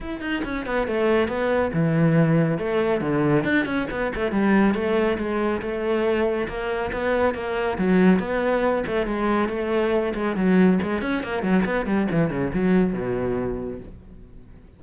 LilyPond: \new Staff \with { instrumentName = "cello" } { \time 4/4 \tempo 4 = 139 e'8 dis'8 cis'8 b8 a4 b4 | e2 a4 d4 | d'8 cis'8 b8 a8 g4 a4 | gis4 a2 ais4 |
b4 ais4 fis4 b4~ | b8 a8 gis4 a4. gis8 | fis4 gis8 cis'8 ais8 fis8 b8 g8 | e8 cis8 fis4 b,2 | }